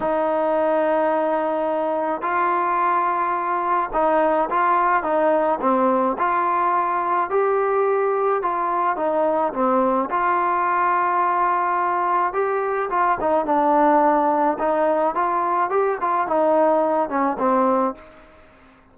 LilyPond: \new Staff \with { instrumentName = "trombone" } { \time 4/4 \tempo 4 = 107 dis'1 | f'2. dis'4 | f'4 dis'4 c'4 f'4~ | f'4 g'2 f'4 |
dis'4 c'4 f'2~ | f'2 g'4 f'8 dis'8 | d'2 dis'4 f'4 | g'8 f'8 dis'4. cis'8 c'4 | }